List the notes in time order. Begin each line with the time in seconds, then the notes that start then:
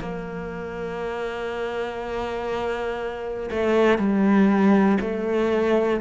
0.00 A#3
3.50 A3
3.98 G3
5.01 A3